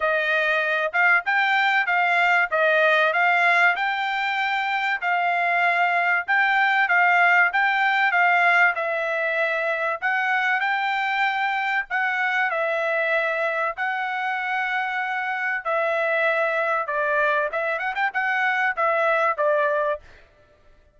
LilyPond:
\new Staff \with { instrumentName = "trumpet" } { \time 4/4 \tempo 4 = 96 dis''4. f''8 g''4 f''4 | dis''4 f''4 g''2 | f''2 g''4 f''4 | g''4 f''4 e''2 |
fis''4 g''2 fis''4 | e''2 fis''2~ | fis''4 e''2 d''4 | e''8 fis''16 g''16 fis''4 e''4 d''4 | }